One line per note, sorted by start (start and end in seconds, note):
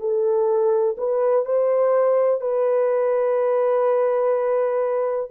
0.00 0.97 A4
0.98 1.46 B4
1.46 2.41 C5
2.41 5.31 B4